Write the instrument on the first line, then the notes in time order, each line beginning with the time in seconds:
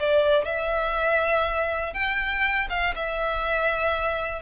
violin
0.00 D5
0.45 E5
1.94 G5
2.70 F5
2.96 E5